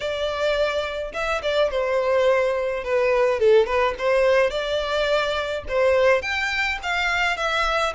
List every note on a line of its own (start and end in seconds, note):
0.00 1.12 D5
1.13 1.41 E5
1.42 1.70 D5
1.71 2.84 C5
2.84 3.39 B4
3.39 3.66 A4
3.66 3.94 B4
3.98 4.50 C5
4.50 5.63 D5
5.68 6.22 C5
6.22 6.78 G5
6.82 7.37 F5
7.37 7.93 E5